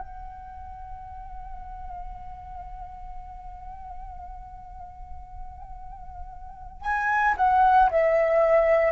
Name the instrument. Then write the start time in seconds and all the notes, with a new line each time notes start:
flute
0.00 F#5
6.82 G#5
7.38 F#5
7.91 E5